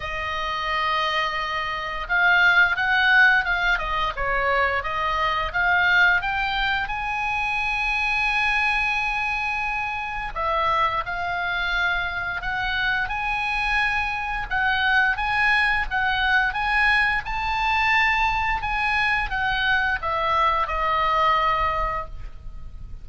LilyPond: \new Staff \with { instrumentName = "oboe" } { \time 4/4 \tempo 4 = 87 dis''2. f''4 | fis''4 f''8 dis''8 cis''4 dis''4 | f''4 g''4 gis''2~ | gis''2. e''4 |
f''2 fis''4 gis''4~ | gis''4 fis''4 gis''4 fis''4 | gis''4 a''2 gis''4 | fis''4 e''4 dis''2 | }